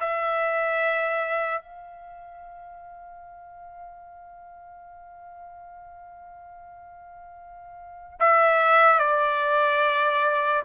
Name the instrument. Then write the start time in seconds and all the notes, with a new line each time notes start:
trumpet
0.00 E5
1.61 F5
8.19 E5
8.99 D5